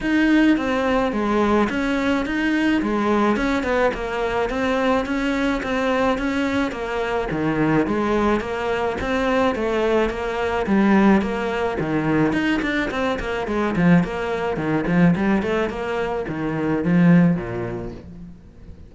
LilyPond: \new Staff \with { instrumentName = "cello" } { \time 4/4 \tempo 4 = 107 dis'4 c'4 gis4 cis'4 | dis'4 gis4 cis'8 b8 ais4 | c'4 cis'4 c'4 cis'4 | ais4 dis4 gis4 ais4 |
c'4 a4 ais4 g4 | ais4 dis4 dis'8 d'8 c'8 ais8 | gis8 f8 ais4 dis8 f8 g8 a8 | ais4 dis4 f4 ais,4 | }